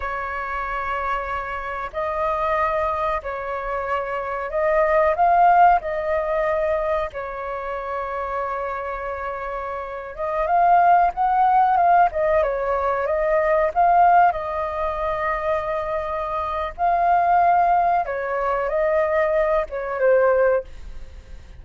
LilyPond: \new Staff \with { instrumentName = "flute" } { \time 4/4 \tempo 4 = 93 cis''2. dis''4~ | dis''4 cis''2 dis''4 | f''4 dis''2 cis''4~ | cis''2.~ cis''8. dis''16~ |
dis''16 f''4 fis''4 f''8 dis''8 cis''8.~ | cis''16 dis''4 f''4 dis''4.~ dis''16~ | dis''2 f''2 | cis''4 dis''4. cis''8 c''4 | }